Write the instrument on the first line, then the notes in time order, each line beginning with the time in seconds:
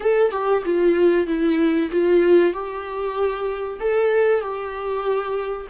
viola
0.00 A4
0.31 G4
0.64 F4
1.27 E4
1.91 F4
2.53 G4
3.80 A4
4.41 G4